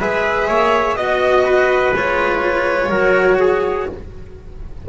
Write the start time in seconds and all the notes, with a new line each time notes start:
0.00 G#3 G#4 B4 E5
0.48 A#3 C#5
0.96 B3 F#4 D#5
1.45 B4
1.94 G#3 F4 C#5
2.90 F#3 F#4 A#4
3.40 G#4